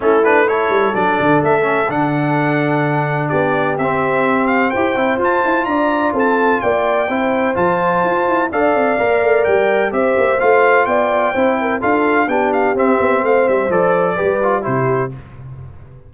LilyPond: <<
  \new Staff \with { instrumentName = "trumpet" } { \time 4/4 \tempo 4 = 127 a'8 b'8 cis''4 d''4 e''4 | fis''2. d''4 | e''4. f''8 g''4 a''4 | ais''4 a''4 g''2 |
a''2 f''2 | g''4 e''4 f''4 g''4~ | g''4 f''4 g''8 f''8 e''4 | f''8 e''8 d''2 c''4 | }
  \new Staff \with { instrumentName = "horn" } { \time 4/4 e'4 a'2.~ | a'2. g'4~ | g'2 c''2 | d''4 a'4 d''4 c''4~ |
c''2 d''2~ | d''4 c''2 d''4 | c''8 ais'8 a'4 g'2 | c''2 b'4 g'4 | }
  \new Staff \with { instrumentName = "trombone" } { \time 4/4 cis'8 d'8 e'4 d'4. cis'8 | d'1 | c'2 g'8 e'8 f'4~ | f'2. e'4 |
f'2 a'4 ais'4~ | ais'4 g'4 f'2 | e'4 f'4 d'4 c'4~ | c'4 a'4 g'8 f'8 e'4 | }
  \new Staff \with { instrumentName = "tuba" } { \time 4/4 a4. g8 fis8 d8 a4 | d2. b4 | c'2 e'8 c'8 f'8 e'8 | d'4 c'4 ais4 c'4 |
f4 f'8 e'8 d'8 c'8 ais8 a8 | g4 c'8 ais8 a4 b4 | c'4 d'4 b4 c'8 b8 | a8 g8 f4 g4 c4 | }
>>